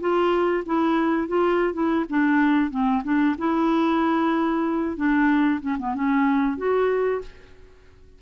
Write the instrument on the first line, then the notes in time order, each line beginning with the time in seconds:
clarinet
0.00 F4
0.66 E4
1.28 F4
1.73 E4
2.09 D4
2.70 C4
3.04 D4
3.38 E4
4.96 D4
5.61 C#4
5.78 B3
5.94 C#4
6.57 F#4